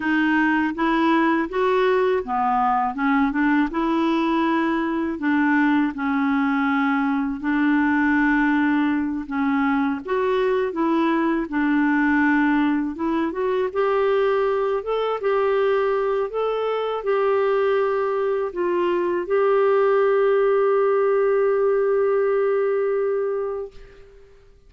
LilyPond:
\new Staff \with { instrumentName = "clarinet" } { \time 4/4 \tempo 4 = 81 dis'4 e'4 fis'4 b4 | cis'8 d'8 e'2 d'4 | cis'2 d'2~ | d'8 cis'4 fis'4 e'4 d'8~ |
d'4. e'8 fis'8 g'4. | a'8 g'4. a'4 g'4~ | g'4 f'4 g'2~ | g'1 | }